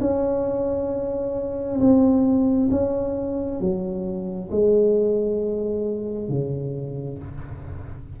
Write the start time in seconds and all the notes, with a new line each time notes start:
0.00 C#4
1.80 C4
2.70 C#4
3.60 F#3
4.51 G#3
6.28 C#3